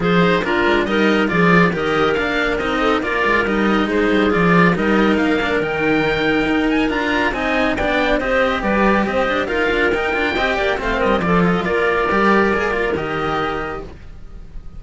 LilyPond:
<<
  \new Staff \with { instrumentName = "oboe" } { \time 4/4 \tempo 4 = 139 c''4 ais'4 dis''4 d''4 | dis''4 f''4 dis''4 d''4 | dis''4 c''4 d''4 dis''4 | f''4 g''2~ g''8 gis''8 |
ais''4 gis''4 g''4 dis''4 | d''4 dis''4 f''4 g''4~ | g''4 f''8 dis''8 d''8 dis''8 d''4~ | d''2 dis''2 | }
  \new Staff \with { instrumentName = "clarinet" } { \time 4/4 gis'4 f'4 ais'4 gis'4 | ais'2~ ais'8 a'8 ais'4~ | ais'4 gis'2 ais'4~ | ais'1~ |
ais'4 dis''4 d''4 c''4 | b'4 c''4 ais'2 | dis''8 d''8 c''8 ais'8 a'4 ais'4~ | ais'1 | }
  \new Staff \with { instrumentName = "cello" } { \time 4/4 f'8 dis'8 d'4 dis'4 f'4 | g'4 d'4 dis'4 f'4 | dis'2 f'4 dis'4~ | dis'8 d'8 dis'2. |
f'4 dis'4 d'4 g'4~ | g'2 f'4 dis'8 f'8 | g'4 c'4 f'2 | g'4 gis'8 f'8 g'2 | }
  \new Staff \with { instrumentName = "cello" } { \time 4/4 f4 ais8 gis8 g4 f4 | dis4 ais4 c'4 ais8 gis8 | g4 gis8 g8 f4 g4 | ais4 dis2 dis'4 |
d'4 c'4 b4 c'4 | g4 c'8 d'8 dis'8 d'8 dis'8 d'8 | c'8 ais8 a8 g8 f4 ais4 | g4 ais4 dis2 | }
>>